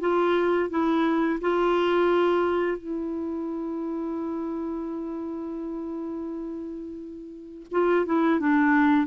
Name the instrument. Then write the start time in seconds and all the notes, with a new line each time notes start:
clarinet
0.00 F4
0.70 E4
1.41 F4
2.77 E4
7.71 F4
8.05 E4
8.40 D4